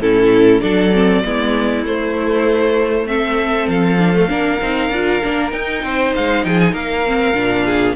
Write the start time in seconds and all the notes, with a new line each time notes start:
0.00 A2 C#4 E4 A4
0.61 F#3 D4 A4 D5
0.94 C4
1.24 G#3 B3 E4
1.85 A3 C5
3.06 C4 A4 E5
3.67 F3 F5
3.98 D4
4.14 A3
4.29 A#3 D4 A#4
4.61 C4 D#4
4.90 D4 F4
5.23 A#3 D4
5.51 D#4 G5
5.83 C4 C5
6.15 G#3 F5
6.44 F3 G#4 G5
6.59 G#5
6.72 A#3 A#4 F5
7.06 C4
7.34 A#2 D4
7.65 G#4